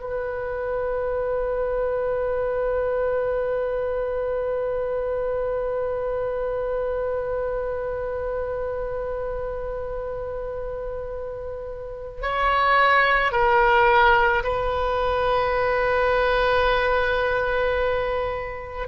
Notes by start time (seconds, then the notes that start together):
0.00 B4
12.22 C#5
13.32 A#4
14.43 B4